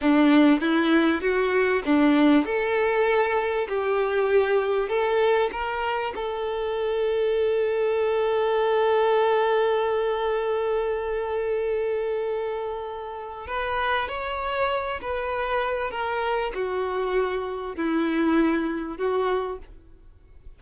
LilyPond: \new Staff \with { instrumentName = "violin" } { \time 4/4 \tempo 4 = 98 d'4 e'4 fis'4 d'4 | a'2 g'2 | a'4 ais'4 a'2~ | a'1~ |
a'1~ | a'2 b'4 cis''4~ | cis''8 b'4. ais'4 fis'4~ | fis'4 e'2 fis'4 | }